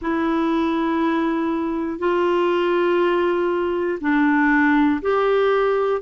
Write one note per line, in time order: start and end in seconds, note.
0.01 1.98 E4
1.98 3.98 F4
4.00 5.00 D4
5.01 6.01 G4